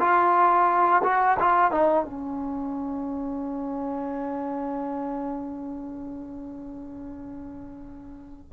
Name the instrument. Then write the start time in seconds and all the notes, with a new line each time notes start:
trombone
0.00 F4
1.04 F#4
1.40 F4
1.72 D#4
2.05 C#4